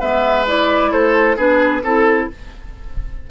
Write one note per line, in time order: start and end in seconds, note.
0.00 0.92 G#3
0.00 0.45 B3
0.00 0.91 B4
0.00 0.46 E5
0.47 1.37 E4
0.47 0.92 D5
0.92 1.37 A3
0.92 1.36 A4
0.92 1.37 C5
1.36 1.82 B3
1.36 1.82 D4
1.36 1.82 G#4
1.36 1.84 B4
1.83 2.29 C4
1.83 2.30 E4
1.83 2.29 A4